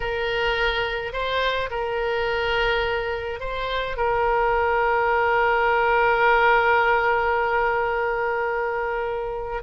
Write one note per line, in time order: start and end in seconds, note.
0.00 1.12 A#4
1.12 1.69 C5
1.70 3.40 A#4
3.40 3.96 C5
3.96 9.62 A#4